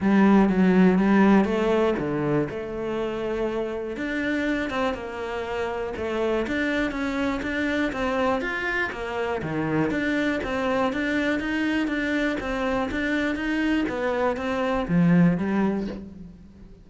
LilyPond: \new Staff \with { instrumentName = "cello" } { \time 4/4 \tempo 4 = 121 g4 fis4 g4 a4 | d4 a2. | d'4. c'8 ais2 | a4 d'4 cis'4 d'4 |
c'4 f'4 ais4 dis4 | d'4 c'4 d'4 dis'4 | d'4 c'4 d'4 dis'4 | b4 c'4 f4 g4 | }